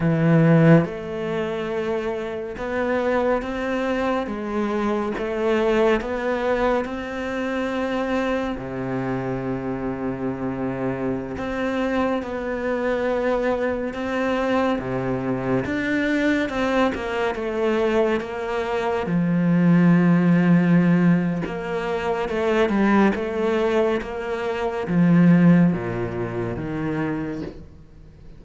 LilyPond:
\new Staff \with { instrumentName = "cello" } { \time 4/4 \tempo 4 = 70 e4 a2 b4 | c'4 gis4 a4 b4 | c'2 c2~ | c4~ c16 c'4 b4.~ b16~ |
b16 c'4 c4 d'4 c'8 ais16~ | ais16 a4 ais4 f4.~ f16~ | f4 ais4 a8 g8 a4 | ais4 f4 ais,4 dis4 | }